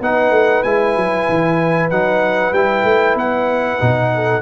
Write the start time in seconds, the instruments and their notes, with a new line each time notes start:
0.00 tuba B3, trombone D#4, horn B4, trumpet F#5
0.30 tuba A3
0.63 tuba G#3, trombone E4, trumpet G#5
0.96 tuba F#3
1.29 tuba E3
1.90 tuba F#3, trombone D#4, trumpet F#5
2.52 tuba G3, trombone E4, trumpet G5
2.83 tuba A3
3.15 tuba B3, trumpet F#5
3.79 tuba B2, trombone D#4
4.14 horn A4